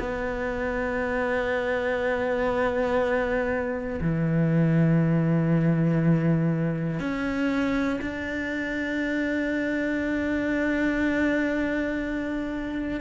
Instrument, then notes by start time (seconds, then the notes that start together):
cello
0.00 B3
4.01 E3
7.00 C#4
8.01 D4